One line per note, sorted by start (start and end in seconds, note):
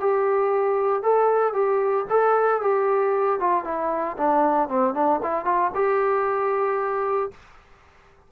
0.00 1.03 G4
1.03 1.54 A4
1.54 2.06 G4
2.10 2.62 A4
2.62 3.40 G4
3.40 3.65 F4
3.65 4.17 E4
4.18 4.69 D4
4.69 4.94 C4
4.94 5.20 D4
5.23 5.45 E4
5.45 5.71 F4
5.75 7.31 G4